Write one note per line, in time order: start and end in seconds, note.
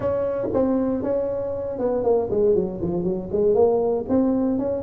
0.00 0.48 C#4
0.53 1.03 C4
1.03 1.78 C#4
1.78 2.03 B3
2.03 2.29 A#3
2.30 2.55 G#3
2.55 2.80 F#3
2.81 3.03 F3
3.03 3.28 F#3
3.32 3.54 G#3
3.54 4.05 A#3
4.08 4.58 C4
4.58 4.82 C#4